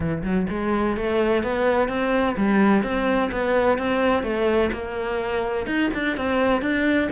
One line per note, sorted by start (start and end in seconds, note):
0.00 0.22 E3
0.23 0.46 F#3
0.49 0.96 G#3
0.96 1.43 A3
1.43 1.88 B3
1.88 2.35 C4
2.36 2.83 G3
2.83 3.30 C4
3.31 3.78 B3
3.78 4.23 C4
4.23 4.70 A3
4.72 5.66 A#3
5.66 5.89 D#4
5.94 6.16 D4
6.16 6.61 C4
6.61 7.08 D4